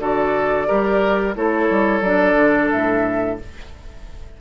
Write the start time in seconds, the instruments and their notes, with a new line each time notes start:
0.00 bassoon D3, clarinet F#4, oboe A4, flute D5
0.67 bassoon G3, clarinet G4, oboe A#4
1.35 bassoon A3, clarinet E4, oboe A4, flute C#5
1.70 bassoon G3
2.01 bassoon F#3, clarinet D4, flute D5
2.35 bassoon D3
2.71 bassoon A2, flute E5